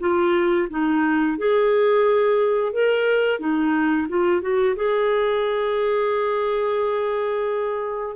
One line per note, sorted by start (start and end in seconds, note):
0.00 0.68 F4
0.70 1.38 D#4
1.38 2.73 G#4
2.73 3.39 A#4
3.39 4.08 D#4
4.09 4.41 F4
4.41 4.75 F#4
4.76 8.16 G#4